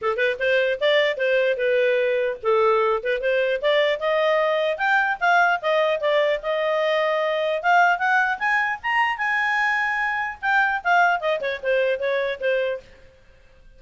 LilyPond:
\new Staff \with { instrumentName = "clarinet" } { \time 4/4 \tempo 4 = 150 a'8 b'8 c''4 d''4 c''4 | b'2 a'4. b'8 | c''4 d''4 dis''2 | g''4 f''4 dis''4 d''4 |
dis''2. f''4 | fis''4 gis''4 ais''4 gis''4~ | gis''2 g''4 f''4 | dis''8 cis''8 c''4 cis''4 c''4 | }